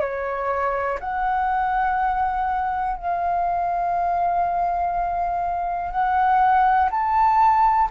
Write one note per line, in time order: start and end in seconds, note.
0.00 0.98 C#5
1.00 2.96 F#5
2.96 5.91 F5
5.91 6.89 F#5
6.90 7.89 A5